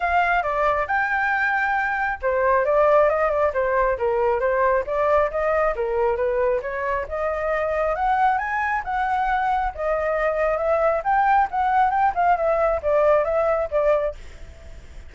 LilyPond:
\new Staff \with { instrumentName = "flute" } { \time 4/4 \tempo 4 = 136 f''4 d''4 g''2~ | g''4 c''4 d''4 dis''8 d''8 | c''4 ais'4 c''4 d''4 | dis''4 ais'4 b'4 cis''4 |
dis''2 fis''4 gis''4 | fis''2 dis''2 | e''4 g''4 fis''4 g''8 f''8 | e''4 d''4 e''4 d''4 | }